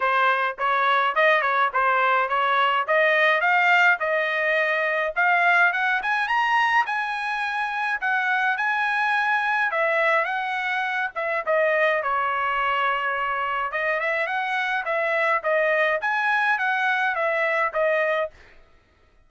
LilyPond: \new Staff \with { instrumentName = "trumpet" } { \time 4/4 \tempo 4 = 105 c''4 cis''4 dis''8 cis''8 c''4 | cis''4 dis''4 f''4 dis''4~ | dis''4 f''4 fis''8 gis''8 ais''4 | gis''2 fis''4 gis''4~ |
gis''4 e''4 fis''4. e''8 | dis''4 cis''2. | dis''8 e''8 fis''4 e''4 dis''4 | gis''4 fis''4 e''4 dis''4 | }